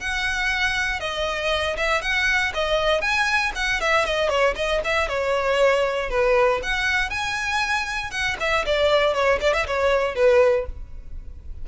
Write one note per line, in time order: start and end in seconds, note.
0.00 1.00 F#5
1.00 1.76 D#5
1.77 2.02 E5
2.02 2.52 F#5
2.54 3.01 D#5
3.01 3.52 G#5
3.55 3.81 F#5
3.81 4.05 E5
4.05 4.29 D#5
4.29 4.55 C#5
4.56 4.81 D#5
4.84 5.08 E5
5.08 6.10 C#5
6.10 6.61 B4
6.63 7.10 F#5
7.10 8.11 G#5
8.11 8.36 F#5
8.40 8.65 E5
8.66 9.14 D5
9.14 9.39 C#5
9.41 9.54 D5
9.54 9.66 E5
9.67 10.15 C#5
10.15 10.66 B4